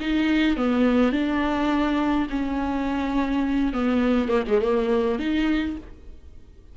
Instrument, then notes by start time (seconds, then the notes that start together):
viola
0.00 D#4
0.56 B3
1.12 D4
2.29 C#4
3.73 B3
4.28 A#3
4.47 G#3
4.61 A#3
5.19 D#4